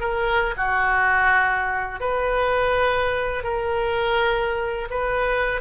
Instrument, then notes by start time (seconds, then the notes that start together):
oboe
0.00 A#4
0.57 F#4
2.00 B4
3.43 A#4
4.90 B4